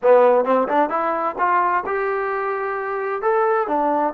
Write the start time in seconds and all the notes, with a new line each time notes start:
0.02 B3
0.44 C4
0.68 D4
0.89 E4
1.38 F4
1.86 G4
3.22 A4
3.67 D4